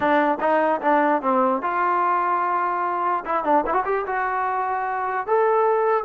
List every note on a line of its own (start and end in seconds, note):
0.00 0.38 D4
0.40 0.80 D#4
0.81 1.21 D4
1.22 1.62 C4
1.62 3.24 F4
3.25 3.44 E4
3.44 3.64 D4
3.66 3.73 E4
3.73 3.83 F#4
3.85 4.05 G4
4.06 5.26 F#4
5.26 6.04 A4